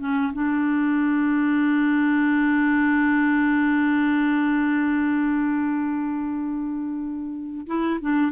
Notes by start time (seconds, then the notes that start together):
0.00 C#4
0.33 D4
7.67 E4
8.02 D4